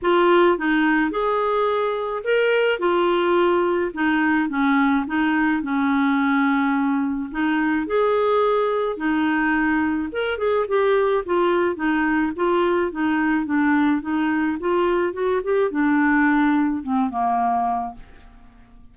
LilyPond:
\new Staff \with { instrumentName = "clarinet" } { \time 4/4 \tempo 4 = 107 f'4 dis'4 gis'2 | ais'4 f'2 dis'4 | cis'4 dis'4 cis'2~ | cis'4 dis'4 gis'2 |
dis'2 ais'8 gis'8 g'4 | f'4 dis'4 f'4 dis'4 | d'4 dis'4 f'4 fis'8 g'8 | d'2 c'8 ais4. | }